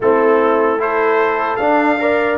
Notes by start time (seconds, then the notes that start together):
0.00 A3 C4 E4 A4
0.78 E4 A4 C5
1.56 D4 F5
1.99 A#4 D5